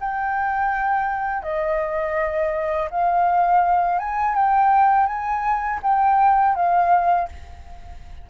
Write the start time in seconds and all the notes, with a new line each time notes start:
0.00 G5
1.43 D#5
2.90 F5
3.99 G#5
4.35 G5
5.07 G#5
5.82 G5
6.55 F5